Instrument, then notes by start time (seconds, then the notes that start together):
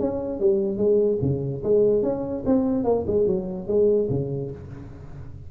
tuba
0.00 C#4
0.40 G3
0.78 G#3
1.21 C#3
1.63 G#3
2.03 C#4
2.46 C4
2.84 A#3
3.07 G#3
3.27 F#3
3.68 G#3
4.10 C#3